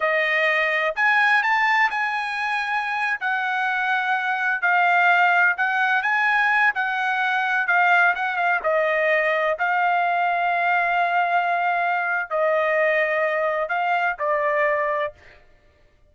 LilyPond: \new Staff \with { instrumentName = "trumpet" } { \time 4/4 \tempo 4 = 127 dis''2 gis''4 a''4 | gis''2~ gis''8. fis''4~ fis''16~ | fis''4.~ fis''16 f''2 fis''16~ | fis''8. gis''4. fis''4.~ fis''16~ |
fis''16 f''4 fis''8 f''8 dis''4.~ dis''16~ | dis''16 f''2.~ f''8.~ | f''2 dis''2~ | dis''4 f''4 d''2 | }